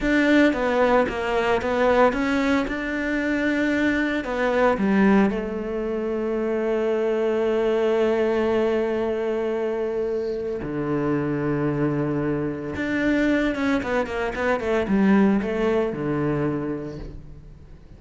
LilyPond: \new Staff \with { instrumentName = "cello" } { \time 4/4 \tempo 4 = 113 d'4 b4 ais4 b4 | cis'4 d'2. | b4 g4 a2~ | a1~ |
a1 | d1 | d'4. cis'8 b8 ais8 b8 a8 | g4 a4 d2 | }